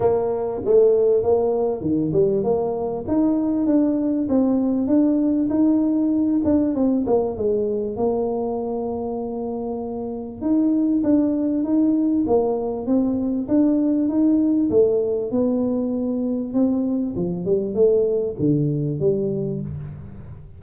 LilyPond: \new Staff \with { instrumentName = "tuba" } { \time 4/4 \tempo 4 = 98 ais4 a4 ais4 dis8 g8 | ais4 dis'4 d'4 c'4 | d'4 dis'4. d'8 c'8 ais8 | gis4 ais2.~ |
ais4 dis'4 d'4 dis'4 | ais4 c'4 d'4 dis'4 | a4 b2 c'4 | f8 g8 a4 d4 g4 | }